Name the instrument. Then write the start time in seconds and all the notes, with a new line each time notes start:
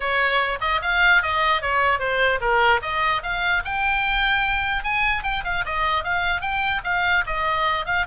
oboe
0.00 C#5
0.60 D#5
0.82 F5
1.22 D#5
1.61 C#5
1.99 C5
2.40 A#4
2.82 D#5
3.22 F5
3.64 G5
4.83 G#5
5.23 G5
5.44 F5
5.65 D#5
6.04 F5
6.41 G5
6.84 F5
7.26 D#5
7.85 F5